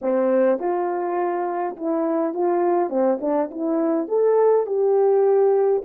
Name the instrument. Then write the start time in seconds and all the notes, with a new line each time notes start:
horn
0.01 C4
0.59 F4
1.76 E4
2.34 F4
2.89 C4
3.20 D4
3.50 E4
4.08 A4
4.66 G4